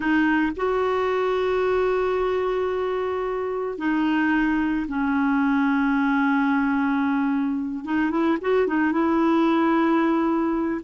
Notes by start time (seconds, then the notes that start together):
0.00 D#4
0.56 F#4
3.78 D#4
4.87 C#4
7.85 D#4
8.10 E4
8.41 F#4
8.67 D#4
8.92 E4